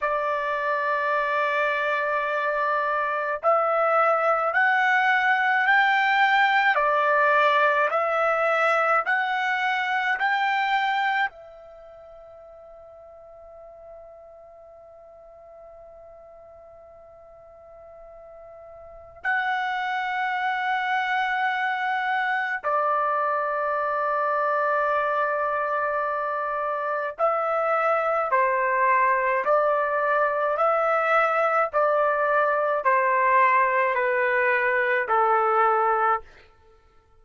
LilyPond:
\new Staff \with { instrumentName = "trumpet" } { \time 4/4 \tempo 4 = 53 d''2. e''4 | fis''4 g''4 d''4 e''4 | fis''4 g''4 e''2~ | e''1~ |
e''4 fis''2. | d''1 | e''4 c''4 d''4 e''4 | d''4 c''4 b'4 a'4 | }